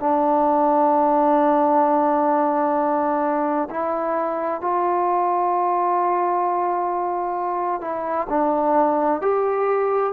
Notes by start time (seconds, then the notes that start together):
0.00 D4
3.70 E4
4.62 F4
7.82 E4
8.30 D4
9.22 G4